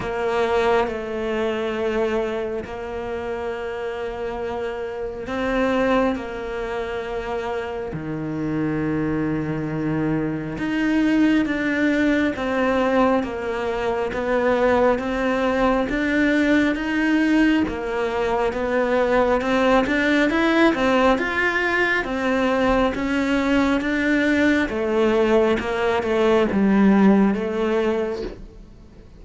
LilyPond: \new Staff \with { instrumentName = "cello" } { \time 4/4 \tempo 4 = 68 ais4 a2 ais4~ | ais2 c'4 ais4~ | ais4 dis2. | dis'4 d'4 c'4 ais4 |
b4 c'4 d'4 dis'4 | ais4 b4 c'8 d'8 e'8 c'8 | f'4 c'4 cis'4 d'4 | a4 ais8 a8 g4 a4 | }